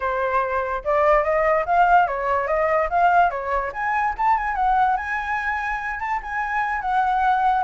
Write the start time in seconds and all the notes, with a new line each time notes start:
0.00 C5
0.84 D5
1.23 D#5
1.65 F5
2.07 C#5
2.47 D#5
2.89 F5
3.30 C#5
3.72 G#5
4.17 A5
4.37 G#5
4.55 F#5
4.96 G#5
5.99 A5
6.22 G#5
6.81 F#5